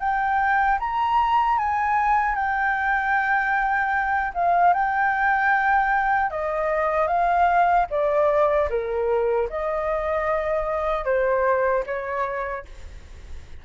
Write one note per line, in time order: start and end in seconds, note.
0.00 0.79 G5
0.80 1.58 A#5
1.58 2.35 G#5
2.35 4.33 G5
4.34 4.74 F5
4.74 6.31 G5
6.31 7.07 D#5
7.07 7.86 F5
7.90 8.69 D5
8.70 9.49 A#4
9.50 11.05 D#5
11.05 11.84 C5
11.86 12.65 C#5